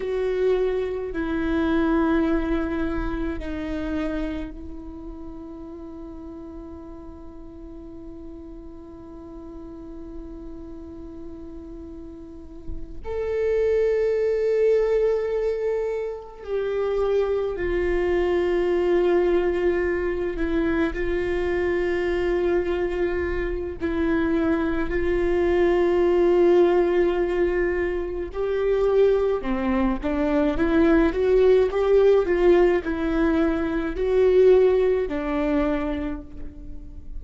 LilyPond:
\new Staff \with { instrumentName = "viola" } { \time 4/4 \tempo 4 = 53 fis'4 e'2 dis'4 | e'1~ | e'2.~ e'8 a'8~ | a'2~ a'8 g'4 f'8~ |
f'2 e'8 f'4.~ | f'4 e'4 f'2~ | f'4 g'4 c'8 d'8 e'8 fis'8 | g'8 f'8 e'4 fis'4 d'4 | }